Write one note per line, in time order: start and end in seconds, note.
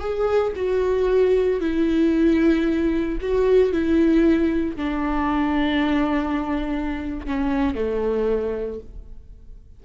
0.00 0.53 G#4
0.56 1.61 F#4
1.61 3.19 E4
3.21 3.72 F#4
3.72 4.76 E4
4.76 7.26 D4
7.27 7.75 C#4
7.75 8.80 A3